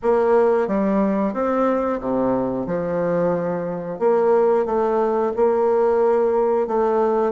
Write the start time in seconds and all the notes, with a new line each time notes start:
0.02 A#3
0.67 G3
1.33 C4
2.00 C3
2.66 F3
3.98 A#3
4.65 A3
5.36 A#3
6.67 A3